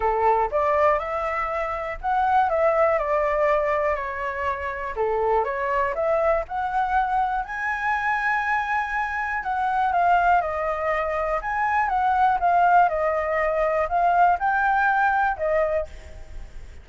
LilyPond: \new Staff \with { instrumentName = "flute" } { \time 4/4 \tempo 4 = 121 a'4 d''4 e''2 | fis''4 e''4 d''2 | cis''2 a'4 cis''4 | e''4 fis''2 gis''4~ |
gis''2. fis''4 | f''4 dis''2 gis''4 | fis''4 f''4 dis''2 | f''4 g''2 dis''4 | }